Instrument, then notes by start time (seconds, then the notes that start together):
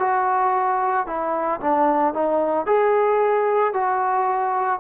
trombone
0.00 F#4
1.07 E4
1.61 D4
2.15 D#4
2.67 G#4
3.74 F#4